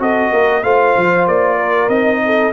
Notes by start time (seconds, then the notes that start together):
0.00 C4 F#4 A4 D#5
0.32 A#3 A#4
0.63 A3 F4 C5 F5
0.96 F3
1.28 A#3 D5
1.57 A#4
1.89 C4 D#4 D#5
2.26 A4